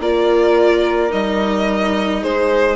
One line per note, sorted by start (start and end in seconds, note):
0.00 1.11 A#3
0.00 1.09 F4
0.00 2.22 A#4
0.00 1.12 D5
1.09 2.23 G3
1.09 2.76 D#4
1.09 2.23 D#5
2.22 2.76 G#3
2.22 2.76 G#4
2.22 2.76 C5